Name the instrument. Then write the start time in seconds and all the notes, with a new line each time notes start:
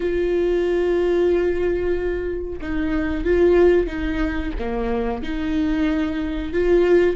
viola
0.00 F4
2.61 D#4
3.24 F4
3.87 D#4
4.58 A#3
5.22 D#4
6.52 F4